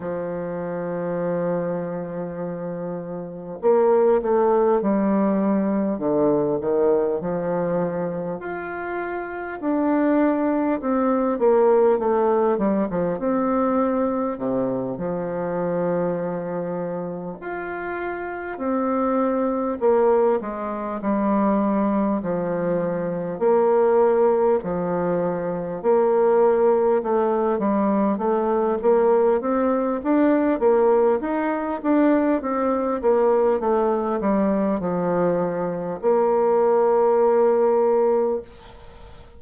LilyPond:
\new Staff \with { instrumentName = "bassoon" } { \time 4/4 \tempo 4 = 50 f2. ais8 a8 | g4 d8 dis8 f4 f'4 | d'4 c'8 ais8 a8 g16 f16 c'4 | c8 f2 f'4 c'8~ |
c'8 ais8 gis8 g4 f4 ais8~ | ais8 f4 ais4 a8 g8 a8 | ais8 c'8 d'8 ais8 dis'8 d'8 c'8 ais8 | a8 g8 f4 ais2 | }